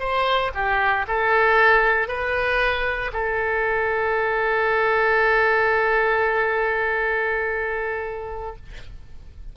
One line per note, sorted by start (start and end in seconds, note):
0.00 0.52 C5
0.55 1.07 G4
1.08 2.08 A4
2.08 3.12 B4
3.13 8.56 A4